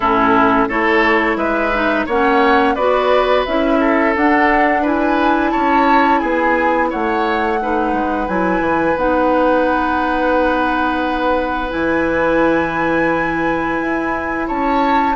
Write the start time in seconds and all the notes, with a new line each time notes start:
0.00 A2 C#4 E4 A4
0.68 A3 E4 A4 C#5
1.36 G#3 B4 E5
1.73 D#4
2.06 A#3 C#4 C#5 F#5
2.74 B3 F#4 B4 D5
3.45 C#4 E4 E5
3.79 A4
4.16 D4 F#5
4.81 E4 B4 G#5
5.50 C#4 C#5 A5
6.19 B3 G#4 G#5
6.90 A3 C#5 F#5
7.61 D#4 B4
7.92 G#3
8.28 F#3 E4 G#5
8.60 E3
8.96 B3 D#4 F#5
11.69 E3 E4 G#5
13.79 E4
14.47 C#4 C#5 A5